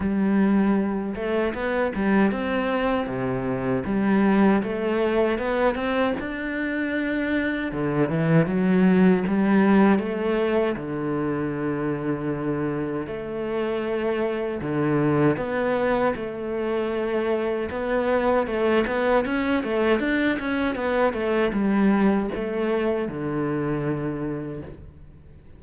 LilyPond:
\new Staff \with { instrumentName = "cello" } { \time 4/4 \tempo 4 = 78 g4. a8 b8 g8 c'4 | c4 g4 a4 b8 c'8 | d'2 d8 e8 fis4 | g4 a4 d2~ |
d4 a2 d4 | b4 a2 b4 | a8 b8 cis'8 a8 d'8 cis'8 b8 a8 | g4 a4 d2 | }